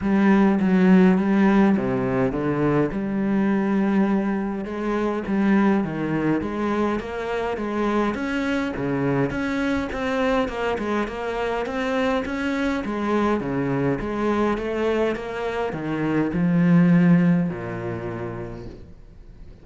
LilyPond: \new Staff \with { instrumentName = "cello" } { \time 4/4 \tempo 4 = 103 g4 fis4 g4 c4 | d4 g2. | gis4 g4 dis4 gis4 | ais4 gis4 cis'4 cis4 |
cis'4 c'4 ais8 gis8 ais4 | c'4 cis'4 gis4 cis4 | gis4 a4 ais4 dis4 | f2 ais,2 | }